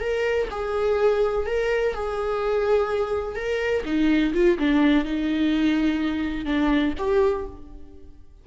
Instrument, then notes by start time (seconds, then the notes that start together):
viola
0.00 A#4
0.50 G#4
1.46 A#4
1.94 G#4
3.35 A#4
3.85 D#4
4.34 F4
4.58 D4
5.04 D#4
6.45 D4
6.98 G4